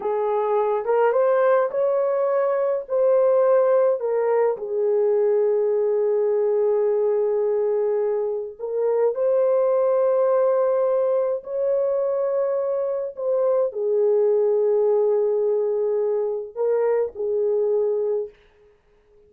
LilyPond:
\new Staff \with { instrumentName = "horn" } { \time 4/4 \tempo 4 = 105 gis'4. ais'8 c''4 cis''4~ | cis''4 c''2 ais'4 | gis'1~ | gis'2. ais'4 |
c''1 | cis''2. c''4 | gis'1~ | gis'4 ais'4 gis'2 | }